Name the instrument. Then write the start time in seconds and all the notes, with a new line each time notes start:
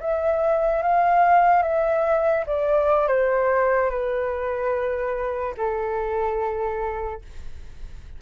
flute
0.00 E5
0.83 F5
1.63 E5
2.46 D5
3.07 C5
3.90 B4
5.57 A4